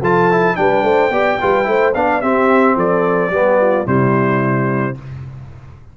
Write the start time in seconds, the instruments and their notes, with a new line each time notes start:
0.00 tuba F3, trombone F4, horn A4, trumpet A5
0.31 trombone E4
0.55 tuba G3, trombone D4, horn B4, trumpet G5
0.83 tuba A3, horn C5
1.10 tuba B3, trombone G4, horn D5
1.40 tuba G3, trombone F4, horn B4
1.64 tuba A3, trombone E4, horn C5
1.94 tuba B3, trombone D4, horn D5, trumpet F5
2.21 trombone C4, tuba C4, horn G4, trumpet E5
2.75 tuba F3, horn A4, trumpet D5
3.30 tuba G3, trombone B3, horn G4
3.60 horn F4
3.85 tuba C3, trombone G3, horn E4, trumpet C5